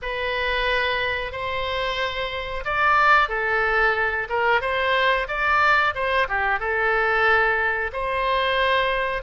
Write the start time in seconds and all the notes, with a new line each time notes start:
0.01 B4
1.32 C5
2.64 D5
3.28 A4
4.29 A#4
4.61 C5
5.27 D5
5.94 C5
6.28 G4
6.59 A4
7.93 C5